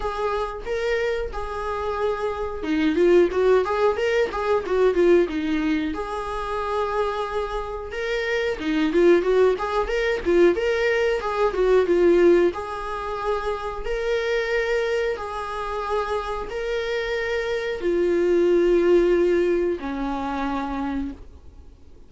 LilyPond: \new Staff \with { instrumentName = "viola" } { \time 4/4 \tempo 4 = 91 gis'4 ais'4 gis'2 | dis'8 f'8 fis'8 gis'8 ais'8 gis'8 fis'8 f'8 | dis'4 gis'2. | ais'4 dis'8 f'8 fis'8 gis'8 ais'8 f'8 |
ais'4 gis'8 fis'8 f'4 gis'4~ | gis'4 ais'2 gis'4~ | gis'4 ais'2 f'4~ | f'2 cis'2 | }